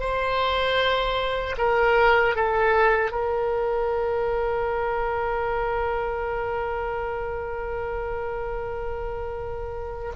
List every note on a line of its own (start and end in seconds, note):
0.00 1.56 C5
1.58 2.36 A#4
2.36 3.11 A4
3.11 10.13 A#4